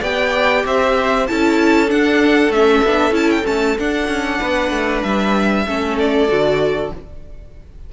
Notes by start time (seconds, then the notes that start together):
0.00 B3 G4 D5 G5
0.64 C4 C5 E5
1.27 C#4 E4 A4 A5
1.87 D4 F#5
2.48 A3 C#4 E5
2.84 B3 D4
3.11 C#4 E4 A5
3.30 G5
3.44 A3 C#4 A5
3.79 D4 F#5
4.08 C#4
4.39 B3 B4
4.71 A3
5.03 G3 E5
5.66 A3 C#4 A4
5.98 D5
6.28 D3 F#4